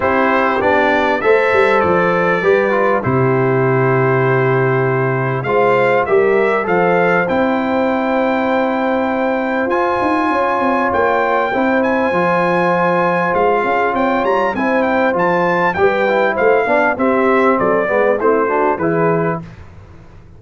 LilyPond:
<<
  \new Staff \with { instrumentName = "trumpet" } { \time 4/4 \tempo 4 = 99 c''4 d''4 e''4 d''4~ | d''4 c''2.~ | c''4 f''4 e''4 f''4 | g''1 |
gis''2 g''4. gis''8~ | gis''2 f''4 g''8 ais''8 | gis''8 g''8 a''4 g''4 f''4 | e''4 d''4 c''4 b'4 | }
  \new Staff \with { instrumentName = "horn" } { \time 4/4 g'2 c''2 | b'4 g'2.~ | g'4 c''4 ais'4 c''4~ | c''1~ |
c''4 cis''2 c''4~ | c''2~ c''8 gis'8 cis''4 | c''2 b'4 c''8 d''8 | g'4 a'8 b'8 e'8 fis'8 gis'4 | }
  \new Staff \with { instrumentName = "trombone" } { \time 4/4 e'4 d'4 a'2 | g'8 f'8 e'2.~ | e'4 f'4 g'4 a'4 | e'1 |
f'2. e'4 | f'1 | e'4 f'4 g'8 e'4 d'8 | c'4. b8 c'8 d'8 e'4 | }
  \new Staff \with { instrumentName = "tuba" } { \time 4/4 c'4 b4 a8 g8 f4 | g4 c2.~ | c4 gis4 g4 f4 | c'1 |
f'8 dis'8 cis'8 c'8 ais4 c'4 | f2 gis8 cis'8 c'8 g8 | c'4 f4 g4 a8 b8 | c'4 fis8 gis8 a4 e4 | }
>>